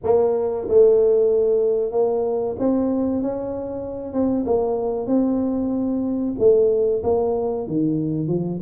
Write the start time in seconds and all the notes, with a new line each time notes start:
0.03 A#3
0.68 A3
1.91 A#3
2.59 C4
3.22 C#4
4.13 C4
4.45 A#3
5.06 C4
6.38 A3
7.03 A#3
7.67 D#3
8.27 F3